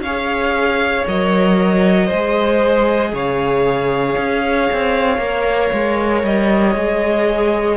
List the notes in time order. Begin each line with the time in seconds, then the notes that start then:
0.00 C#4 C#5 F5
0.06 G#4
1.07 F#3 A#4 D#5
2.06 G#3 G#4 C5
3.12 C#3 C#5 F5
4.17 C#4
4.72 C4
5.17 A#3 A#4
5.72 G#3
6.23 G3 D#5
6.75 G#3 G#4